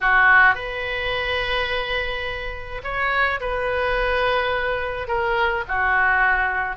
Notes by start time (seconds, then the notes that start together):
0.00 F#4
0.55 B4
2.83 C#5
3.40 B4
5.07 A#4
5.68 F#4